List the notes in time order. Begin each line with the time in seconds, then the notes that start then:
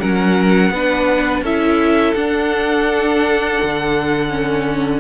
0.00 F#3 C#4 A#4 F#5
0.71 B3 D4 B4
1.42 C#4 E4 A4 E5
2.14 D4 F#5
3.63 D3
4.29 C#4